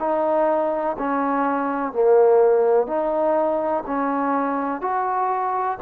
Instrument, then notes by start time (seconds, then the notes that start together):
trombone
0.00 D#4
0.99 C#4
1.93 A#3
2.87 D#4
3.87 C#4
4.82 F#4